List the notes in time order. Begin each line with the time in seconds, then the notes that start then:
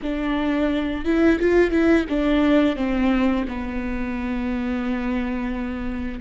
0.02 D4
1.04 E4
1.39 F4
1.71 E4
2.09 D4
2.76 C4
3.48 B3